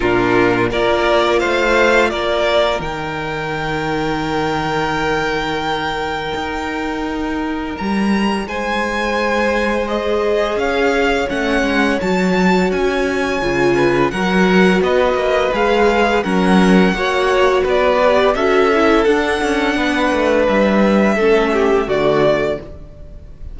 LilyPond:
<<
  \new Staff \with { instrumentName = "violin" } { \time 4/4 \tempo 4 = 85 ais'4 d''4 f''4 d''4 | g''1~ | g''2. ais''4 | gis''2 dis''4 f''4 |
fis''4 a''4 gis''2 | fis''4 dis''4 f''4 fis''4~ | fis''4 d''4 e''4 fis''4~ | fis''4 e''2 d''4 | }
  \new Staff \with { instrumentName = "violin" } { \time 4/4 f'4 ais'4 c''4 ais'4~ | ais'1~ | ais'1 | c''2. cis''4~ |
cis''2.~ cis''8 b'8 | ais'4 b'2 ais'4 | cis''4 b'4 a'2 | b'2 a'8 g'8 fis'4 | }
  \new Staff \with { instrumentName = "viola" } { \time 4/4 d'4 f'2. | dis'1~ | dis'1~ | dis'2 gis'2 |
cis'4 fis'2 f'4 | fis'2 gis'4 cis'4 | fis'4. g'8 fis'8 e'8 d'4~ | d'2 cis'4 a4 | }
  \new Staff \with { instrumentName = "cello" } { \time 4/4 ais,4 ais4 a4 ais4 | dis1~ | dis4 dis'2 g4 | gis2. cis'4 |
a8 gis8 fis4 cis'4 cis4 | fis4 b8 ais8 gis4 fis4 | ais4 b4 cis'4 d'8 cis'8 | b8 a8 g4 a4 d4 | }
>>